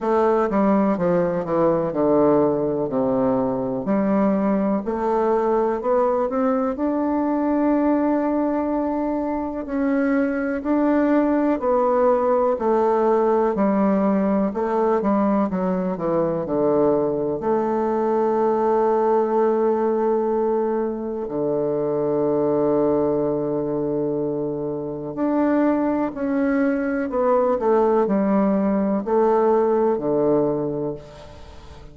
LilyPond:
\new Staff \with { instrumentName = "bassoon" } { \time 4/4 \tempo 4 = 62 a8 g8 f8 e8 d4 c4 | g4 a4 b8 c'8 d'4~ | d'2 cis'4 d'4 | b4 a4 g4 a8 g8 |
fis8 e8 d4 a2~ | a2 d2~ | d2 d'4 cis'4 | b8 a8 g4 a4 d4 | }